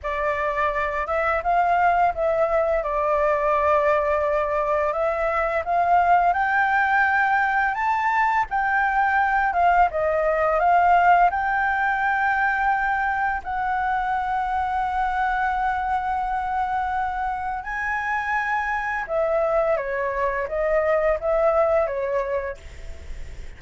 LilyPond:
\new Staff \with { instrumentName = "flute" } { \time 4/4 \tempo 4 = 85 d''4. e''8 f''4 e''4 | d''2. e''4 | f''4 g''2 a''4 | g''4. f''8 dis''4 f''4 |
g''2. fis''4~ | fis''1~ | fis''4 gis''2 e''4 | cis''4 dis''4 e''4 cis''4 | }